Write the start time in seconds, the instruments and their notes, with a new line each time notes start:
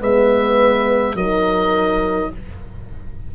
0.00 tuba G#3, horn B3 B4, oboe E5
1.15 tuba F#3, horn D#4 A#4, oboe D#5